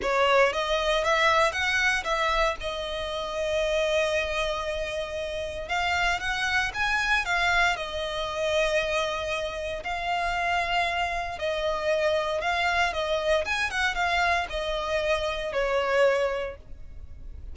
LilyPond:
\new Staff \with { instrumentName = "violin" } { \time 4/4 \tempo 4 = 116 cis''4 dis''4 e''4 fis''4 | e''4 dis''2.~ | dis''2. f''4 | fis''4 gis''4 f''4 dis''4~ |
dis''2. f''4~ | f''2 dis''2 | f''4 dis''4 gis''8 fis''8 f''4 | dis''2 cis''2 | }